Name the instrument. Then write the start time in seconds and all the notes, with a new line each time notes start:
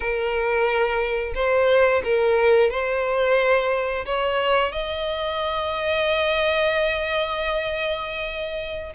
violin
0.00 A#4
1.35 C5
2.04 A#4
2.70 C5
4.05 C#5
4.72 D#5